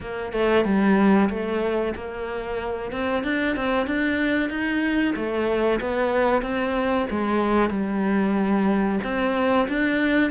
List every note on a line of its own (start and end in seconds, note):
0.00 0.32 A#3
0.32 0.65 A3
0.65 1.29 G3
1.29 1.94 A3
1.95 2.91 A#3
2.91 3.23 C4
3.23 3.55 D4
3.56 3.87 C4
3.87 4.49 D4
4.49 5.14 D#4
5.15 5.80 A3
5.80 6.42 B3
6.42 7.06 C4
7.10 7.70 G#3
7.70 8.99 G3
9.03 9.68 C4
9.68 10.30 D4